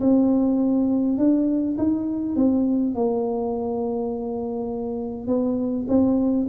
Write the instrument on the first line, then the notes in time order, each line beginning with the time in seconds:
tuba
0.00 C4
1.18 D4
1.78 D#4
2.36 C4
2.94 A#3
5.27 B3
5.88 C4